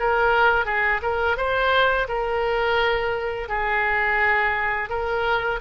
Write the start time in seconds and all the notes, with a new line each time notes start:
0.00 A#4
0.66 G#4
1.02 A#4
1.37 C5
2.08 A#4
3.49 G#4
4.90 A#4